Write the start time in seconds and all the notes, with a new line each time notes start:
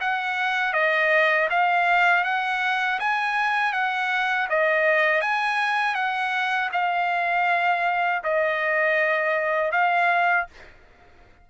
0.00 F#5
0.73 D#5
1.50 F5
2.24 F#5
2.99 G#5
3.73 F#5
4.49 D#5
5.21 G#5
5.94 F#5
6.72 F5
8.23 D#5
9.71 F5